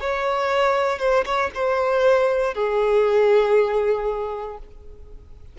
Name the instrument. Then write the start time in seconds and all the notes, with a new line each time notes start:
violin
0.00 C#5
0.99 C5
1.25 C#5
1.54 C5
2.54 G#4